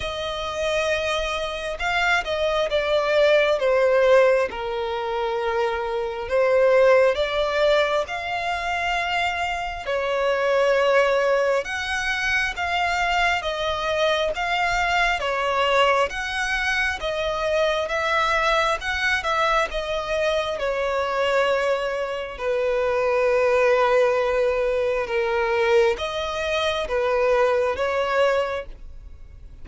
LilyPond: \new Staff \with { instrumentName = "violin" } { \time 4/4 \tempo 4 = 67 dis''2 f''8 dis''8 d''4 | c''4 ais'2 c''4 | d''4 f''2 cis''4~ | cis''4 fis''4 f''4 dis''4 |
f''4 cis''4 fis''4 dis''4 | e''4 fis''8 e''8 dis''4 cis''4~ | cis''4 b'2. | ais'4 dis''4 b'4 cis''4 | }